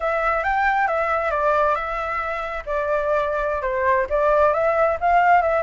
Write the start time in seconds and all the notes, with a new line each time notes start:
0.00 E5
0.43 G5
0.87 E5
1.31 D5
1.75 E5
2.66 D5
3.62 C5
4.09 D5
4.53 E5
5.00 F5
5.41 E5